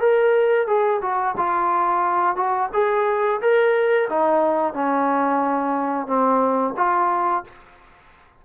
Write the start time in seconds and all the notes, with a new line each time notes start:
0.00 A#4
0.67 G#4
1.01 F#4
1.37 F4
2.36 F#4
2.73 G#4
3.41 A#4
4.09 D#4
4.73 C#4
6.06 C4
6.76 F4